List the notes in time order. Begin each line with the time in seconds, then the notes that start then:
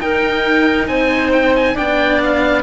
0.00 D#4 A#4 G5
0.87 C4 C5 G#5
1.33 G5
1.56 G#5
1.75 B3 D4 D5 G5
2.24 F5